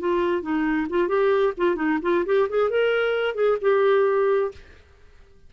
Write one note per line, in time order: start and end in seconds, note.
0.00 0.42 F4
0.42 0.87 D#4
0.90 1.08 F4
1.08 1.53 G4
1.58 1.76 F4
1.76 1.99 D#4
2.02 2.25 F4
2.26 2.49 G4
2.50 2.70 G#4
2.70 3.35 A#4
3.35 3.58 G#4
3.62 4.52 G4